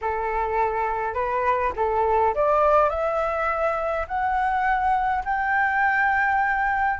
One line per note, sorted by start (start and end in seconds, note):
0.01 1.14 A4
1.14 1.72 B4
1.76 2.34 A4
2.34 2.89 D5
2.89 4.06 E5
4.07 5.24 F#5
5.25 6.99 G5